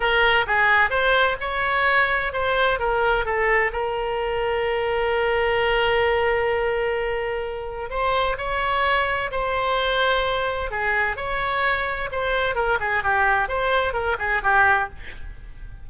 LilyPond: \new Staff \with { instrumentName = "oboe" } { \time 4/4 \tempo 4 = 129 ais'4 gis'4 c''4 cis''4~ | cis''4 c''4 ais'4 a'4 | ais'1~ | ais'1~ |
ais'4 c''4 cis''2 | c''2. gis'4 | cis''2 c''4 ais'8 gis'8 | g'4 c''4 ais'8 gis'8 g'4 | }